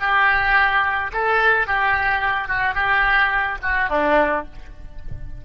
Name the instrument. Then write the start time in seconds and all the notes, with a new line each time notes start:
oboe
0.00 G4
1.13 A4
1.67 G4
2.48 F#4
2.75 G4
3.62 F#4
3.89 D4